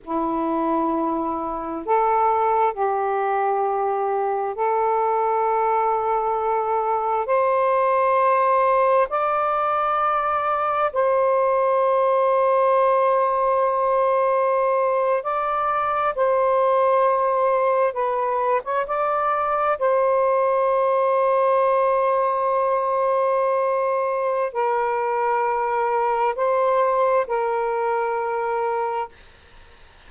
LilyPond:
\new Staff \with { instrumentName = "saxophone" } { \time 4/4 \tempo 4 = 66 e'2 a'4 g'4~ | g'4 a'2. | c''2 d''2 | c''1~ |
c''8. d''4 c''2 b'16~ | b'8 cis''16 d''4 c''2~ c''16~ | c''2. ais'4~ | ais'4 c''4 ais'2 | }